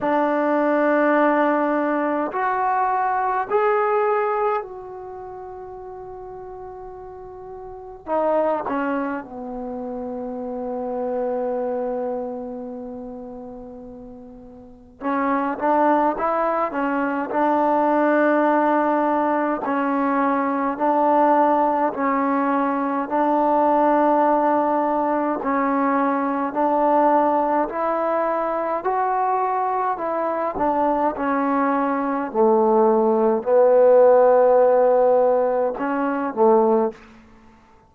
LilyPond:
\new Staff \with { instrumentName = "trombone" } { \time 4/4 \tempo 4 = 52 d'2 fis'4 gis'4 | fis'2. dis'8 cis'8 | b1~ | b4 cis'8 d'8 e'8 cis'8 d'4~ |
d'4 cis'4 d'4 cis'4 | d'2 cis'4 d'4 | e'4 fis'4 e'8 d'8 cis'4 | a4 b2 cis'8 a8 | }